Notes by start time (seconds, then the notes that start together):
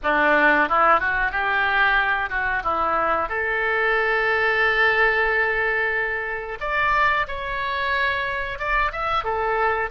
0.03 D4
0.68 E4
1.00 F#4
1.31 G4
2.29 F#4
2.63 E4
3.28 A4
6.60 D5
7.27 C#5
8.58 D5
8.92 E5
9.24 A4